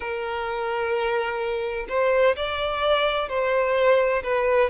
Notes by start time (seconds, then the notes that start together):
0.00 A#4
1.88 C5
2.36 D5
3.29 C5
4.23 B4